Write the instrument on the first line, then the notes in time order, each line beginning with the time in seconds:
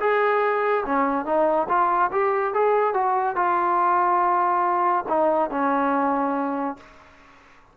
trombone
0.00 G#4
0.86 C#4
1.26 D#4
1.69 F4
2.12 G4
2.54 G#4
2.94 F#4
3.36 F4
5.09 D#4
5.51 C#4